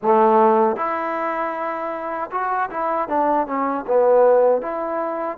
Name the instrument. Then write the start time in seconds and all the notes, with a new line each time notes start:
trombone
0.02 A3
0.76 E4
2.31 F#4
2.70 E4
3.08 D4
3.46 C#4
3.87 B3
4.61 E4